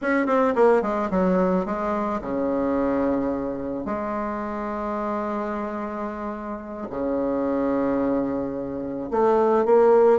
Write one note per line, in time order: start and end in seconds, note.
0.01 0.26 C#4
0.26 0.54 C4
0.55 0.82 A#3
0.82 1.09 G#3
1.10 1.65 F#3
1.65 2.20 G#3
2.21 3.85 C#3
3.85 6.87 G#3
6.90 9.10 C#3
9.11 9.65 A3
9.65 10.19 A#3